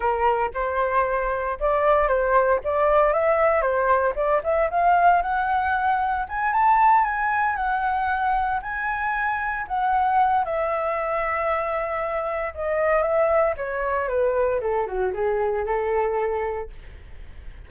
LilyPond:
\new Staff \with { instrumentName = "flute" } { \time 4/4 \tempo 4 = 115 ais'4 c''2 d''4 | c''4 d''4 e''4 c''4 | d''8 e''8 f''4 fis''2 | gis''8 a''4 gis''4 fis''4.~ |
fis''8 gis''2 fis''4. | e''1 | dis''4 e''4 cis''4 b'4 | a'8 fis'8 gis'4 a'2 | }